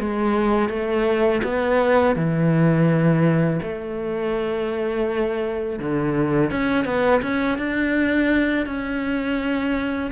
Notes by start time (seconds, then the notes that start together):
0.00 G#3
0.70 A3
1.44 B3
2.16 E3
3.63 A3
5.79 D3
6.51 C#4
6.85 B3
7.22 C#4
7.58 D4
8.66 C#4